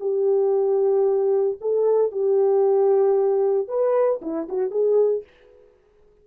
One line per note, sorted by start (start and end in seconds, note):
0.00 1.58 G4
1.61 2.11 A4
2.11 3.68 G4
3.68 4.21 B4
4.22 4.48 E4
4.49 4.71 F#4
4.71 5.23 G#4